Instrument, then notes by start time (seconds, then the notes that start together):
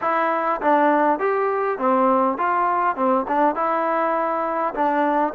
trombone
0.01 E4
0.61 D4
1.19 G4
1.78 C4
2.37 F4
2.96 C4
3.28 D4
3.55 E4
4.74 D4